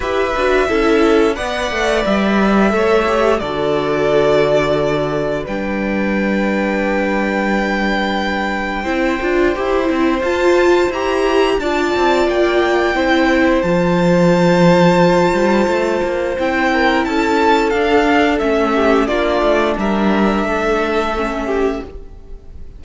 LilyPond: <<
  \new Staff \with { instrumentName = "violin" } { \time 4/4 \tempo 4 = 88 e''2 fis''4 e''4~ | e''4 d''2. | g''1~ | g''2. a''4 |
ais''4 a''4 g''2 | a''1 | g''4 a''4 f''4 e''4 | d''4 e''2. | }
  \new Staff \with { instrumentName = "violin" } { \time 4/4 b'4 a'4 d''2 | cis''4 a'2. | b'1~ | b'4 c''2.~ |
c''4 d''2 c''4~ | c''1~ | c''8 ais'8 a'2~ a'8 g'8 | f'4 ais'4 a'4. g'8 | }
  \new Staff \with { instrumentName = "viola" } { \time 4/4 g'8 fis'8 e'4 b'2 | a'8 g'8 fis'2. | d'1~ | d'4 e'8 f'8 g'8 e'8 f'4 |
g'4 f'2 e'4 | f'1 | e'2 d'4 cis'4 | d'2. cis'4 | }
  \new Staff \with { instrumentName = "cello" } { \time 4/4 e'8 d'8 cis'4 b8 a8 g4 | a4 d2. | g1~ | g4 c'8 d'8 e'8 c'8 f'4 |
e'4 d'8 c'8 ais4 c'4 | f2~ f8 g8 a8 ais8 | c'4 cis'4 d'4 a4 | ais8 a8 g4 a2 | }
>>